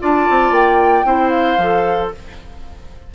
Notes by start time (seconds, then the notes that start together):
0.00 D4 F4 D5 A5
0.30 C4
0.51 A#3 G5
1.05 C4 E4 C5
1.29 F5
1.58 F3 A4